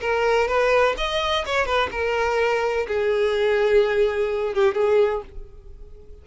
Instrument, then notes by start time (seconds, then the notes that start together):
violin
0.00 A#4
0.47 B4
0.97 D#5
1.46 C#5
1.65 B4
1.91 A#4
2.87 G#4
4.54 G4
4.74 G#4